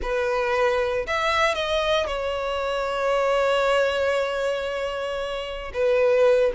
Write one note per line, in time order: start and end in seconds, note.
0.02 1.06 B4
1.06 1.55 E5
1.55 2.06 D#5
2.06 5.72 C#5
5.73 6.52 B4